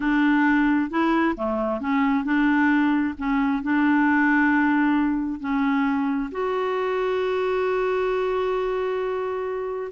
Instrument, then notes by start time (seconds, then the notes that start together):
clarinet
0.00 D4
0.90 E4
1.36 A3
1.80 C#4
2.24 D4
3.18 C#4
3.62 D4
5.40 C#4
6.31 F#4